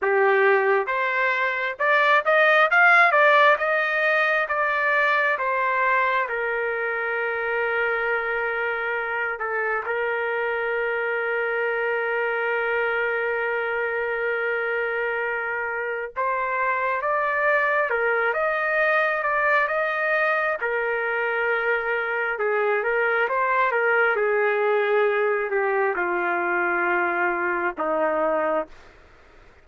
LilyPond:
\new Staff \with { instrumentName = "trumpet" } { \time 4/4 \tempo 4 = 67 g'4 c''4 d''8 dis''8 f''8 d''8 | dis''4 d''4 c''4 ais'4~ | ais'2~ ais'8 a'8 ais'4~ | ais'1~ |
ais'2 c''4 d''4 | ais'8 dis''4 d''8 dis''4 ais'4~ | ais'4 gis'8 ais'8 c''8 ais'8 gis'4~ | gis'8 g'8 f'2 dis'4 | }